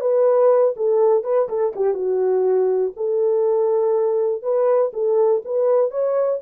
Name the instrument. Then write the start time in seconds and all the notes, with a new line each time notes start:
horn
0.00 B4
0.76 A4
1.23 B4
1.48 A4
1.75 G4
1.94 F#4
2.96 A4
4.42 B4
4.93 A4
5.45 B4
5.91 C#5